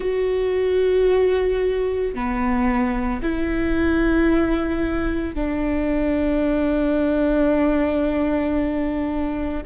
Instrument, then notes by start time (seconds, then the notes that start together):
viola
0.00 F#4
2.14 B3
3.22 E4
5.34 D4